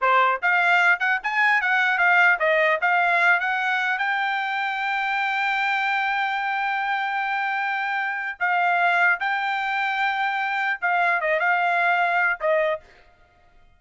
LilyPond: \new Staff \with { instrumentName = "trumpet" } { \time 4/4 \tempo 4 = 150 c''4 f''4. fis''8 gis''4 | fis''4 f''4 dis''4 f''4~ | f''8 fis''4. g''2~ | g''1~ |
g''1~ | g''4 f''2 g''4~ | g''2. f''4 | dis''8 f''2~ f''8 dis''4 | }